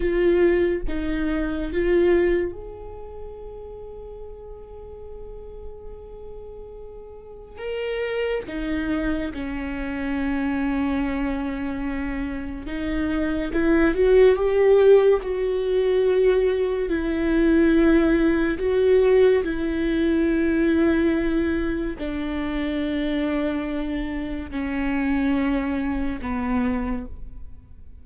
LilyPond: \new Staff \with { instrumentName = "viola" } { \time 4/4 \tempo 4 = 71 f'4 dis'4 f'4 gis'4~ | gis'1~ | gis'4 ais'4 dis'4 cis'4~ | cis'2. dis'4 |
e'8 fis'8 g'4 fis'2 | e'2 fis'4 e'4~ | e'2 d'2~ | d'4 cis'2 b4 | }